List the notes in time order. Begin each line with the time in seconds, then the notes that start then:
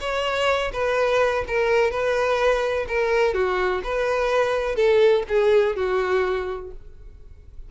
0.00 C#5
0.73 B4
1.48 A#4
1.90 B4
2.88 A#4
3.34 F#4
3.84 B4
4.75 A4
5.28 G#4
5.76 F#4